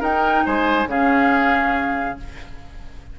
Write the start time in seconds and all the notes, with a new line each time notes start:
0.00 D#4 A#4 G5
0.45 G#3 C5 G#5
0.86 C#3 C#4 G#4 F5